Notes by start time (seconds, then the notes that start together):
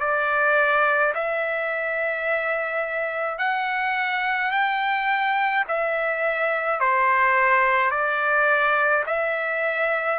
0.00 D5
1.14 E5
3.39 F#5
4.51 G5
5.68 E5
6.80 C5
7.90 D5
9.06 E5